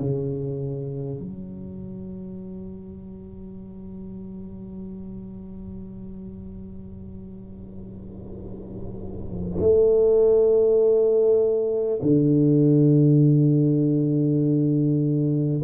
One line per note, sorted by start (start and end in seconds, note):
0.00 1.19 C#3
1.19 9.59 F#3
9.59 11.99 A3
12.02 15.62 D3